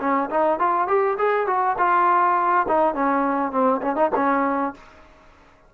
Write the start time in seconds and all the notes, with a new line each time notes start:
0.00 C#4
0.30 D#4
0.59 F4
0.87 G4
1.18 G#4
1.47 F#4
1.78 F4
2.68 D#4
2.94 C#4
3.51 C4
3.81 C#4
3.96 D#4
4.15 C#4